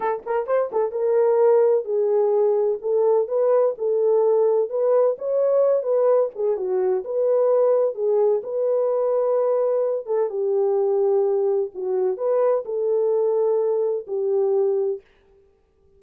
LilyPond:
\new Staff \with { instrumentName = "horn" } { \time 4/4 \tempo 4 = 128 a'8 ais'8 c''8 a'8 ais'2 | gis'2 a'4 b'4 | a'2 b'4 cis''4~ | cis''8 b'4 gis'8 fis'4 b'4~ |
b'4 gis'4 b'2~ | b'4. a'8 g'2~ | g'4 fis'4 b'4 a'4~ | a'2 g'2 | }